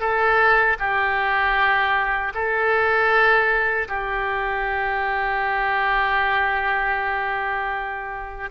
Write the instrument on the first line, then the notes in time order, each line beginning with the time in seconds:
oboe
0.00 A4
0.79 G4
2.34 A4
3.88 G4